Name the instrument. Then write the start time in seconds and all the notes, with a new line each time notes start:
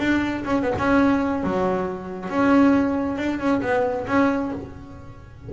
double bass
0.00 D4
0.45 C#4
0.63 B3
0.79 C#4
1.44 F#3
2.30 C#4
3.18 D4
3.40 C#4
3.62 B3
4.08 C#4